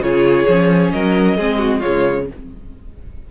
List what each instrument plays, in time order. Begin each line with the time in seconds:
0.00 cello C#3, viola F4, violin G#4 C#5
0.48 cello F3, viola C#4
0.91 cello F#3, violin A#4 D#5
1.37 cello G#3, viola C4, violin G#4
1.58 violin F#4
1.79 viola G#3, violin F4 C#5
1.86 cello C#3